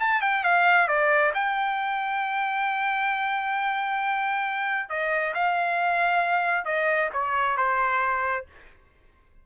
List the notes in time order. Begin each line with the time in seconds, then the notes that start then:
0.00 A5
0.21 G5
0.44 F5
0.88 D5
1.34 G5
4.89 D#5
5.34 F5
6.65 D#5
7.13 C#5
7.57 C5